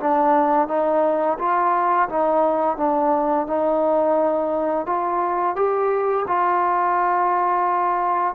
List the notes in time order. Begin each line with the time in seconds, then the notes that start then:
0.00 D4
0.68 D#4
1.39 F4
2.09 D#4
2.77 D4
3.47 D#4
4.86 F4
5.56 G4
6.28 F4